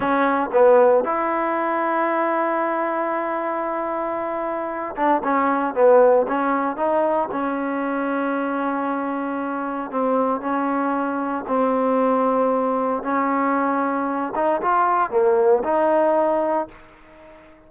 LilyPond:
\new Staff \with { instrumentName = "trombone" } { \time 4/4 \tempo 4 = 115 cis'4 b4 e'2~ | e'1~ | e'4. d'8 cis'4 b4 | cis'4 dis'4 cis'2~ |
cis'2. c'4 | cis'2 c'2~ | c'4 cis'2~ cis'8 dis'8 | f'4 ais4 dis'2 | }